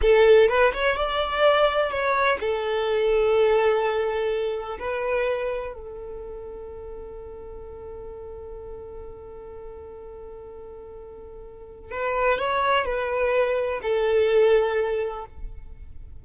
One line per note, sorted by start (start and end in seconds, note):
0.01 0.48 A4
0.48 0.72 B4
0.73 0.96 C#5
0.96 1.90 D5
1.90 2.38 C#5
2.40 4.78 A4
4.79 5.73 B4
5.73 11.91 A4
11.91 12.38 B4
12.38 12.85 C#5
12.85 13.80 B4
13.82 15.25 A4